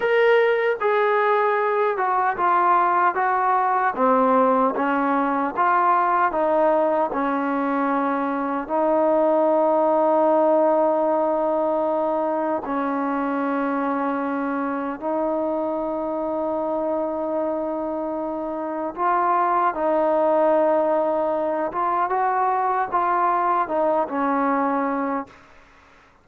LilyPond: \new Staff \with { instrumentName = "trombone" } { \time 4/4 \tempo 4 = 76 ais'4 gis'4. fis'8 f'4 | fis'4 c'4 cis'4 f'4 | dis'4 cis'2 dis'4~ | dis'1 |
cis'2. dis'4~ | dis'1 | f'4 dis'2~ dis'8 f'8 | fis'4 f'4 dis'8 cis'4. | }